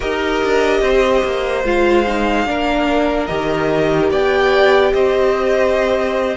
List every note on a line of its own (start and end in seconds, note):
0.00 0.43 D#4
0.00 1.64 G4
0.00 0.79 A#4
0.00 1.65 D#5
0.44 0.81 D4
0.81 1.22 C4
0.81 2.47 C5
1.24 1.64 A#3
1.64 2.46 G#3
1.64 2.05 F4
1.64 3.26 F5
2.07 2.46 D#4
2.46 3.28 A#3
2.46 3.28 D4
2.46 4.10 A#4
3.26 4.10 D#3
3.26 6.36 G4
3.26 4.08 D#5
4.10 4.92 B3
4.10 4.93 D5
4.10 4.93 G5
4.93 6.36 C4
4.93 6.36 C5
4.93 6.36 D#5